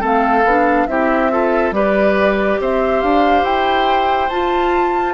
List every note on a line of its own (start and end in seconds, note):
0.00 0.44 A3
0.00 0.43 C4
0.00 0.86 A4
0.00 0.87 F5
0.44 0.87 B3
0.44 0.88 D4
0.87 1.71 C4
0.87 1.30 E4
0.87 1.31 G4
0.87 1.72 E5
1.30 1.72 F4
1.30 1.74 A4
1.71 2.57 G3
1.71 4.30 G4
1.71 2.60 B4
1.71 2.60 D5
2.60 3.02 C4
2.60 5.13 C5
2.60 3.01 E5
3.01 3.43 D4
3.01 3.44 F5
3.43 4.29 E4
3.43 4.29 G5
4.29 5.13 F4
4.29 5.13 A5